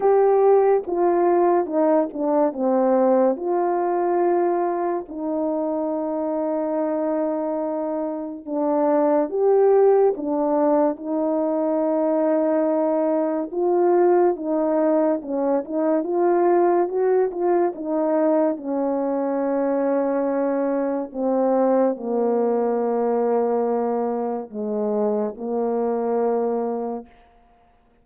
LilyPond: \new Staff \with { instrumentName = "horn" } { \time 4/4 \tempo 4 = 71 g'4 f'4 dis'8 d'8 c'4 | f'2 dis'2~ | dis'2 d'4 g'4 | d'4 dis'2. |
f'4 dis'4 cis'8 dis'8 f'4 | fis'8 f'8 dis'4 cis'2~ | cis'4 c'4 ais2~ | ais4 gis4 ais2 | }